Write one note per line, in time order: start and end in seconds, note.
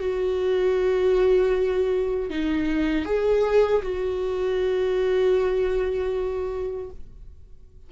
0.00 2.30 F#4
2.30 3.06 D#4
3.06 3.83 G#4
3.83 6.91 F#4